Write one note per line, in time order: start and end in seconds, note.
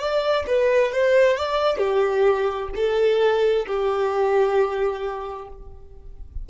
0.00 0.45 D5
0.47 0.93 B4
0.93 1.37 C5
1.37 1.78 D5
1.78 2.69 G4
2.76 3.67 A4
3.67 5.49 G4